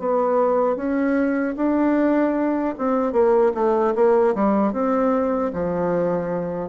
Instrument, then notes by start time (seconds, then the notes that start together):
bassoon
0.00 B3
0.76 C#4
1.57 D4
2.78 C4
3.13 A#3
3.55 A3
3.95 A#3
4.35 G3
4.73 C4
5.54 F3